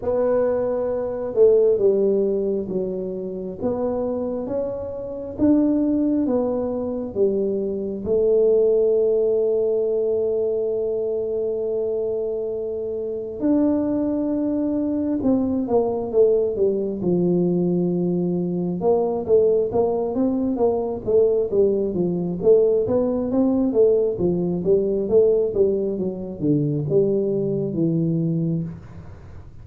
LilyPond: \new Staff \with { instrumentName = "tuba" } { \time 4/4 \tempo 4 = 67 b4. a8 g4 fis4 | b4 cis'4 d'4 b4 | g4 a2.~ | a2. d'4~ |
d'4 c'8 ais8 a8 g8 f4~ | f4 ais8 a8 ais8 c'8 ais8 a8 | g8 f8 a8 b8 c'8 a8 f8 g8 | a8 g8 fis8 d8 g4 e4 | }